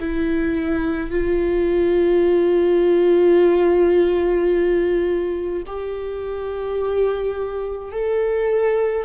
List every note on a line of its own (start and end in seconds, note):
0.00 1.11 E4
1.11 5.63 F4
5.67 7.92 G4
7.92 9.05 A4